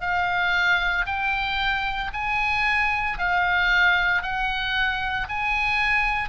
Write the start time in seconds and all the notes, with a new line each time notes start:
0.00 F5
1.06 G5
2.13 G#5
3.18 F5
4.22 F#5
5.29 G#5